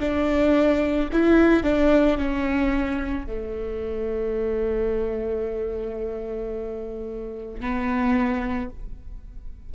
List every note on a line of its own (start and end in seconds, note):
0.00 1.09 D4
1.13 1.64 E4
1.64 2.18 D4
2.18 3.27 C#4
3.27 7.61 A3
7.61 8.70 B3